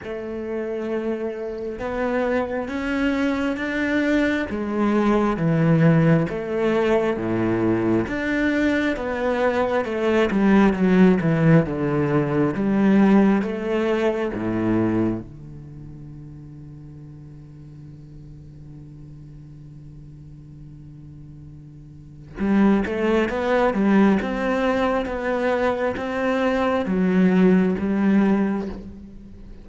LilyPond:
\new Staff \with { instrumentName = "cello" } { \time 4/4 \tempo 4 = 67 a2 b4 cis'4 | d'4 gis4 e4 a4 | a,4 d'4 b4 a8 g8 | fis8 e8 d4 g4 a4 |
a,4 d2.~ | d1~ | d4 g8 a8 b8 g8 c'4 | b4 c'4 fis4 g4 | }